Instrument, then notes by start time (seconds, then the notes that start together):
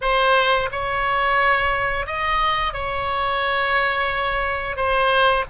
oboe
0.01 C5
0.71 C#5
2.06 D#5
2.73 C#5
4.76 C5